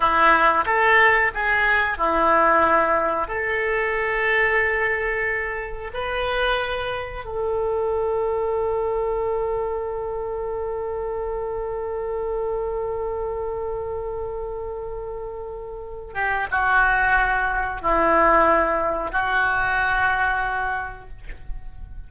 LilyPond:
\new Staff \with { instrumentName = "oboe" } { \time 4/4 \tempo 4 = 91 e'4 a'4 gis'4 e'4~ | e'4 a'2.~ | a'4 b'2 a'4~ | a'1~ |
a'1~ | a'1~ | a'8 g'8 fis'2 e'4~ | e'4 fis'2. | }